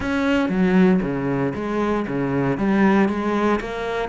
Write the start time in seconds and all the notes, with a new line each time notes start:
0.00 C#4
0.49 F#3
1.02 C#3
1.55 G#3
2.07 C#3
2.57 G3
3.08 G#3
3.60 A#3